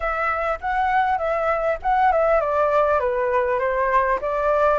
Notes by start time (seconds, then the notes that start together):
0.00 E5
0.61 F#5
1.18 E5
1.82 F#5
2.12 E5
2.40 D5
2.99 B4
3.59 C5
4.21 D5